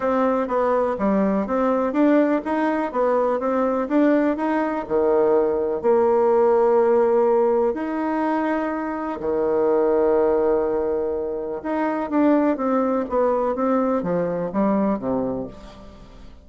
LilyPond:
\new Staff \with { instrumentName = "bassoon" } { \time 4/4 \tempo 4 = 124 c'4 b4 g4 c'4 | d'4 dis'4 b4 c'4 | d'4 dis'4 dis2 | ais1 |
dis'2. dis4~ | dis1 | dis'4 d'4 c'4 b4 | c'4 f4 g4 c4 | }